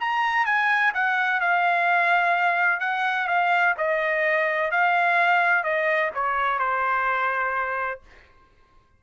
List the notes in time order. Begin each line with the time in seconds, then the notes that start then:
0.00 A#5
0.46 G#5
0.94 F#5
1.41 F5
2.80 F#5
3.28 F5
3.78 D#5
4.71 F5
5.64 D#5
6.14 C#5
6.59 C5